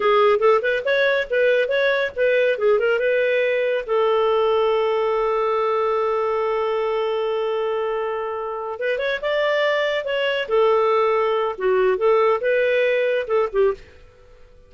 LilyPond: \new Staff \with { instrumentName = "clarinet" } { \time 4/4 \tempo 4 = 140 gis'4 a'8 b'8 cis''4 b'4 | cis''4 b'4 gis'8 ais'8 b'4~ | b'4 a'2.~ | a'1~ |
a'1~ | a'8 b'8 cis''8 d''2 cis''8~ | cis''8 a'2~ a'8 fis'4 | a'4 b'2 a'8 g'8 | }